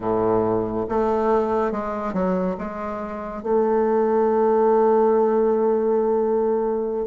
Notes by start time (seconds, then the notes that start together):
0.00 A2
0.88 A3
1.71 G#3
2.13 F#3
2.58 G#3
3.42 A3